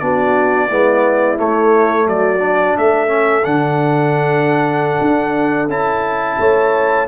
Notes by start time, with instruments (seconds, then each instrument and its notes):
0.00 tuba B3, trombone D4, horn F#4, trumpet D5
0.68 tuba G#3, trombone B3, horn E4
1.37 trombone A3, tuba A3, trumpet C#5
2.07 tuba F#3, horn F#4, trumpet D5
2.39 trombone D4
2.78 tuba A3, horn A4, trumpet E5
3.08 trombone C#4
3.45 tuba D3, trombone D4, trumpet F#5
5.01 tuba D4
5.68 tuba C#4, trombone E4, trumpet A5
6.39 tuba A3, horn C#5